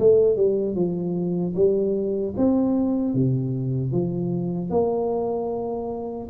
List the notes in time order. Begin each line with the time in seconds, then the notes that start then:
0.00 A3
0.37 G3
0.76 F3
1.56 G3
2.38 C4
3.15 C3
3.92 F3
4.71 A#3